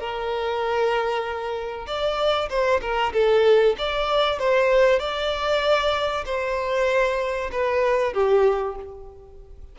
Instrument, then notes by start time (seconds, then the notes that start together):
violin
0.00 A#4
1.87 D5
2.49 C5
2.82 A#4
3.13 A4
3.78 D5
4.39 C5
5.00 D5
6.26 C5
7.52 B4
8.13 G4